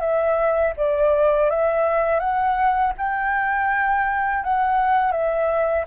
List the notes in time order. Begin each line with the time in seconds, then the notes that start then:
0.00 E5
0.77 D5
1.50 E5
2.20 F#5
2.98 G5
4.44 F#5
5.12 E5